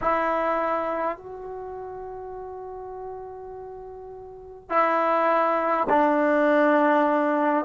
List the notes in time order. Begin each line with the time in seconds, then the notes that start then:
0.01 E4
1.17 F#4
4.70 E4
5.89 D4